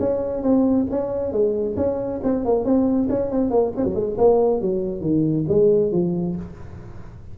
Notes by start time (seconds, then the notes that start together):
0.00 C#4
0.43 C4
0.91 C#4
1.32 G#3
1.77 C#4
2.24 C4
2.45 A#3
2.65 C4
3.10 C#4
3.31 C4
3.51 A#3
3.76 C4
3.85 F#3
3.95 G#3
4.18 A#3
4.61 F#3
5.01 D#3
5.49 G#3
5.92 F3